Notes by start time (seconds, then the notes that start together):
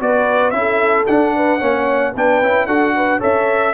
0.00 B3 F#4 B4 D5
0.51 C#4 E4 E5
0.59 A4
1.07 D4 F#5
1.36 B4
1.59 A#3 C#4 C#5
2.14 B3 D4 B4 G5
2.42 C#4 E4
2.67 D4 F#4 A4 F#5
2.96 B4
3.19 C#4 A4 C#5 E5